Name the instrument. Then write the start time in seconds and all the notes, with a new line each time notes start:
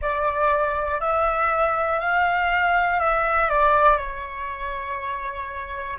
flute
0.01 D5
1.00 E5
2.00 F5
3.00 E5
3.50 D5
3.97 C#5